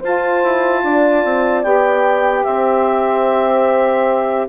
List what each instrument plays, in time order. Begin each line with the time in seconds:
0.00 bassoon F4, saxophone F4, horn C5, clarinet A5
0.44 bassoon E4
0.84 bassoon D4, horn D5
1.25 bassoon C4
1.64 bassoon B3, saxophone G4, clarinet G5
2.44 bassoon C4, horn C5, clarinet E5